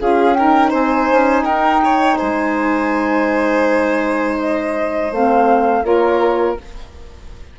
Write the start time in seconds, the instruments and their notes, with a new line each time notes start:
0.00 bassoon C#4, saxophone F4, violin G#4, flute F5
0.34 saxophone D#4, violin A#4, flute G5
0.70 bassoon C4, violin C5, flute G#5
1.12 bassoon C#4
1.44 bassoon D#4, violin A#4, flute G5
1.85 violin C#5
2.18 bassoon G#3, violin C5, flute G#5
4.40 flute D#5
5.12 bassoon A3, saxophone C4, flute F5
5.84 bassoon A#3, saxophone F4, violin A#4, flute C#5